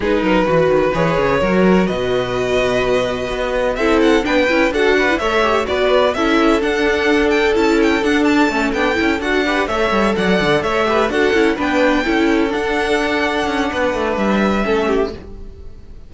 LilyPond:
<<
  \new Staff \with { instrumentName = "violin" } { \time 4/4 \tempo 4 = 127 b'2 cis''2 | dis''1 | e''8 fis''8 g''4 fis''4 e''4 | d''4 e''4 fis''4. g''8 |
a''8 g''8 fis''8 a''4 g''4 fis''8~ | fis''8 e''4 fis''4 e''4 fis''8~ | fis''8 g''2 fis''4.~ | fis''2 e''2 | }
  \new Staff \with { instrumentName = "violin" } { \time 4/4 gis'8 ais'8 b'2 ais'4 | b'1 | a'4 b'4 a'8 b'8 cis''4 | b'4 a'2.~ |
a'1 | b'8 cis''4 d''4 cis''8 b'8 a'8~ | a'8 b'4 a'2~ a'8~ | a'4 b'2 a'8 g'8 | }
  \new Staff \with { instrumentName = "viola" } { \time 4/4 dis'4 fis'4 gis'4 fis'4~ | fis'1 | e'4 d'8 e'8 fis'8. e16 a'8 g'8 | fis'4 e'4 d'2 |
e'4 d'4 cis'8 d'8 e'8 fis'8 | g'8 a'2~ a'8 g'8 fis'8 | e'8 d'4 e'4 d'4.~ | d'2. cis'4 | }
  \new Staff \with { instrumentName = "cello" } { \time 4/4 gis8 fis8 e8 dis8 e8 cis8 fis4 | b,2. b4 | c'4 b8 cis'8 d'4 a4 | b4 cis'4 d'2 |
cis'4 d'4 a8 b8 cis'8 d'8~ | d'8 a8 g8 fis8 d8 a4 d'8 | cis'8 b4 cis'4 d'4.~ | d'8 cis'8 b8 a8 g4 a4 | }
>>